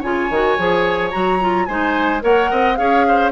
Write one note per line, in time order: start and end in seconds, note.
0.00 0.31 C#3
0.00 0.31 F4
0.00 1.65 C#5
0.00 1.12 G#5
0.31 0.58 D#3
0.31 0.59 F#4
0.59 1.14 F3
0.59 1.12 G#4
1.12 1.69 F#3
1.12 1.39 F#4
1.12 1.66 A#5
1.41 1.68 F4
1.66 2.24 G#3
1.66 2.21 D#4
1.66 2.23 C5
1.66 2.21 G#5
2.21 2.51 A#3
2.21 2.76 A#4
2.21 2.51 C#5
2.21 2.76 F#5
2.51 2.79 C4
2.51 2.79 D#5
2.76 3.32 C#4
2.76 3.32 G#4
2.76 3.07 C#5
2.76 3.31 F5
3.08 3.32 C5